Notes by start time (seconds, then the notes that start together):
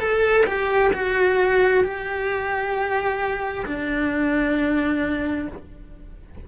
0.00 A4
0.46 G4
0.93 F#4
1.84 G4
3.66 D4